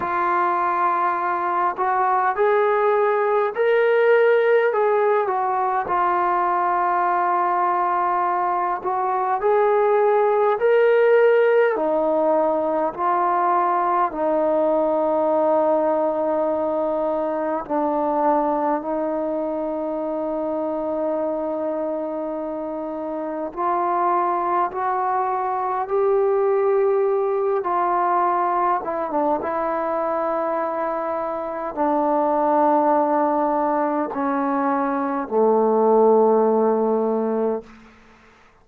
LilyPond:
\new Staff \with { instrumentName = "trombone" } { \time 4/4 \tempo 4 = 51 f'4. fis'8 gis'4 ais'4 | gis'8 fis'8 f'2~ f'8 fis'8 | gis'4 ais'4 dis'4 f'4 | dis'2. d'4 |
dis'1 | f'4 fis'4 g'4. f'8~ | f'8 e'16 d'16 e'2 d'4~ | d'4 cis'4 a2 | }